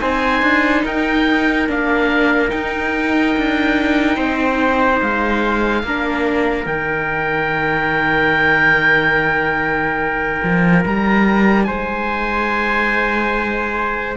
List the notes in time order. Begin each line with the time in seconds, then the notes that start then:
0.00 C4 D#4 C5 G#5
0.42 D4
0.84 D#4 A#4 G5
1.68 A#3 D4 F5
2.49 D#4 G5
3.37 D4
4.16 C4 C5
5.01 G#3 F5
5.83 A#3 D4 A#4
6.64 D#3 D#4 G5
10.43 F3
10.85 G3 A#5
11.64 G#3 C5 G#5